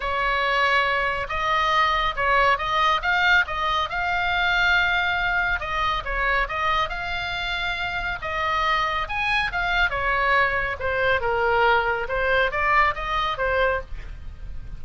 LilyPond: \new Staff \with { instrumentName = "oboe" } { \time 4/4 \tempo 4 = 139 cis''2. dis''4~ | dis''4 cis''4 dis''4 f''4 | dis''4 f''2.~ | f''4 dis''4 cis''4 dis''4 |
f''2. dis''4~ | dis''4 gis''4 f''4 cis''4~ | cis''4 c''4 ais'2 | c''4 d''4 dis''4 c''4 | }